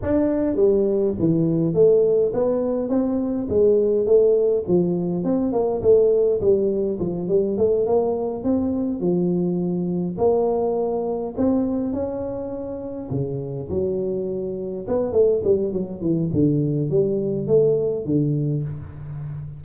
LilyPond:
\new Staff \with { instrumentName = "tuba" } { \time 4/4 \tempo 4 = 103 d'4 g4 e4 a4 | b4 c'4 gis4 a4 | f4 c'8 ais8 a4 g4 | f8 g8 a8 ais4 c'4 f8~ |
f4. ais2 c'8~ | c'8 cis'2 cis4 fis8~ | fis4. b8 a8 g8 fis8 e8 | d4 g4 a4 d4 | }